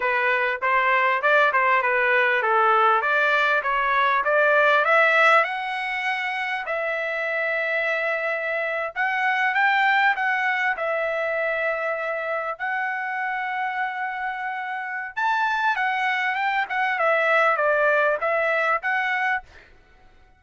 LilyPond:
\new Staff \with { instrumentName = "trumpet" } { \time 4/4 \tempo 4 = 99 b'4 c''4 d''8 c''8 b'4 | a'4 d''4 cis''4 d''4 | e''4 fis''2 e''4~ | e''2~ e''8. fis''4 g''16~ |
g''8. fis''4 e''2~ e''16~ | e''8. fis''2.~ fis''16~ | fis''4 a''4 fis''4 g''8 fis''8 | e''4 d''4 e''4 fis''4 | }